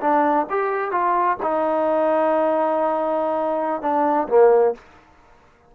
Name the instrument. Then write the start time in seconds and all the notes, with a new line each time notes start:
trombone
0.00 D4
0.49 G4
0.91 F4
1.42 D#4
3.81 D4
4.28 A#3